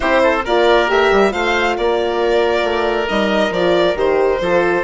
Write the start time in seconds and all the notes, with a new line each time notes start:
0.00 C4 E4 G4 C5
0.23 A4
0.44 A#3 F4 A#4 D5
0.88 A3 G4 E5
1.11 G3
1.30 A3 F4 C5 F5
1.77 A#3 A#4 D5
2.63 A3
3.08 G3 D#4 D#5
3.50 F3 F4 D5
3.94 D#3 G4 C5
4.40 F3 F4 A4